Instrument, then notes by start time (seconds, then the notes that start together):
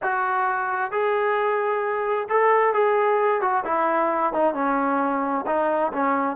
trombone
0.02 F#4
0.91 G#4
2.29 A4
2.73 G#4
3.41 F#4
3.64 E4
4.33 D#4
4.54 C#4
5.46 D#4
5.92 C#4